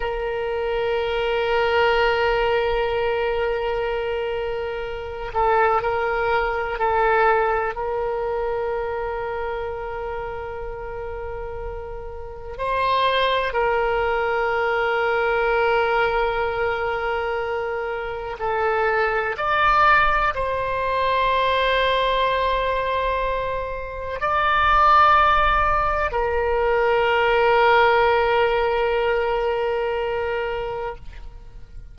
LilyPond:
\new Staff \with { instrumentName = "oboe" } { \time 4/4 \tempo 4 = 62 ais'1~ | ais'4. a'8 ais'4 a'4 | ais'1~ | ais'4 c''4 ais'2~ |
ais'2. a'4 | d''4 c''2.~ | c''4 d''2 ais'4~ | ais'1 | }